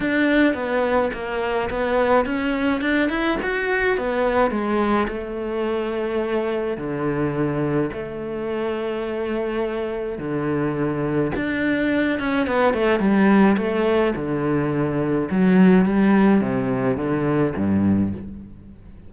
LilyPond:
\new Staff \with { instrumentName = "cello" } { \time 4/4 \tempo 4 = 106 d'4 b4 ais4 b4 | cis'4 d'8 e'8 fis'4 b4 | gis4 a2. | d2 a2~ |
a2 d2 | d'4. cis'8 b8 a8 g4 | a4 d2 fis4 | g4 c4 d4 g,4 | }